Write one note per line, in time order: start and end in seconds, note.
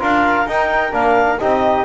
0.00 0.47 D4
0.00 0.47 F4
0.00 1.40 A#4
0.00 0.50 F5
0.47 0.93 D#4
0.47 0.92 D#4
0.47 0.94 G5
0.92 1.40 A#3
0.92 1.38 D4
0.92 1.40 F5
1.40 1.86 C4
1.40 1.86 D#4
1.40 1.86 G4
1.40 1.86 D#5